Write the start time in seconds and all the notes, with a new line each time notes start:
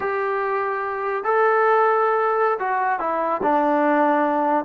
0.00 G4
1.24 A4
2.59 F#4
2.99 E4
3.43 D4